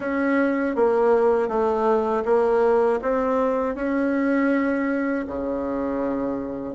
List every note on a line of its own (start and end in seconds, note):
0.00 0.75 C#4
0.75 1.48 A#3
1.48 2.23 A3
2.25 3.00 A#3
3.02 3.75 C4
3.75 5.25 C#4
5.27 6.74 C#3